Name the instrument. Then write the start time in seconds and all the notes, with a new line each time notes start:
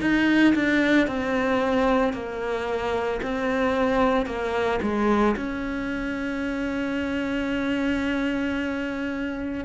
cello
0.00 D#4
0.54 D4
1.07 C4
2.13 A#3
3.22 C4
4.26 A#3
4.82 G#3
5.36 C#4